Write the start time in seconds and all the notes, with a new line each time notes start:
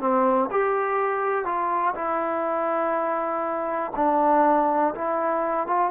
0.00 C4
0.51 G4
1.45 F4
1.95 E4
3.96 D4
4.94 E4
5.67 F4